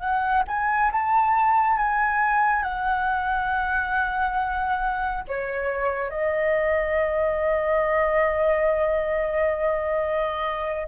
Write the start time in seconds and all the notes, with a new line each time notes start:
0.00 F#5
0.48 G#5
0.92 A5
1.78 G#5
2.63 F#5
5.28 C#5
6.10 D#5